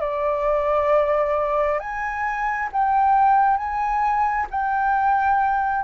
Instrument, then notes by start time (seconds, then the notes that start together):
flute
0.00 D5
1.80 G#5
2.72 G5
3.57 G#5
4.50 G5